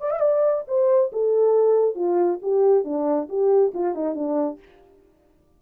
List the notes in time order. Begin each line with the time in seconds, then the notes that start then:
0.00 D5
0.10 E5
0.20 D5
0.67 C5
1.12 A4
1.95 F4
2.41 G4
2.84 D4
3.28 G4
3.74 F4
3.94 D#4
4.14 D4